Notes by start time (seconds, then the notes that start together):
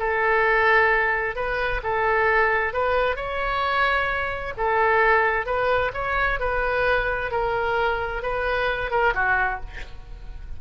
0.00 A4
1.36 B4
1.84 A4
2.74 B4
3.17 C#5
4.58 A4
5.46 B4
5.94 C#5
6.40 B4
7.32 A#4
8.23 B4
8.91 A#4
9.15 F#4